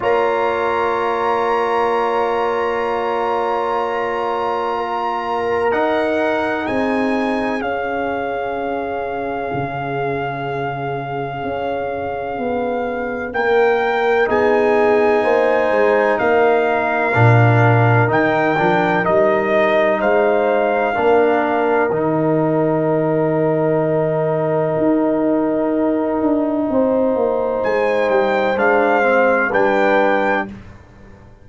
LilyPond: <<
  \new Staff \with { instrumentName = "trumpet" } { \time 4/4 \tempo 4 = 63 ais''1~ | ais''2 fis''4 gis''4 | f''1~ | f''2 g''4 gis''4~ |
gis''4 f''2 g''4 | dis''4 f''2 g''4~ | g''1~ | g''4 gis''8 g''8 f''4 g''4 | }
  \new Staff \with { instrumentName = "horn" } { \time 4/4 cis''1~ | cis''4 ais'2 gis'4~ | gis'1~ | gis'2 ais'4 gis'4 |
c''4 ais'2.~ | ais'4 c''4 ais'2~ | ais'1 | c''2. b'4 | }
  \new Staff \with { instrumentName = "trombone" } { \time 4/4 f'1~ | f'2 dis'2 | cis'1~ | cis'2. dis'4~ |
dis'2 d'4 dis'8 d'8 | dis'2 d'4 dis'4~ | dis'1~ | dis'2 d'8 c'8 d'4 | }
  \new Staff \with { instrumentName = "tuba" } { \time 4/4 ais1~ | ais2 dis'4 c'4 | cis'2 cis2 | cis'4 b4 ais4 b4 |
ais8 gis8 ais4 ais,4 dis8 f8 | g4 gis4 ais4 dis4~ | dis2 dis'4. d'8 | c'8 ais8 gis8 g8 gis4 g4 | }
>>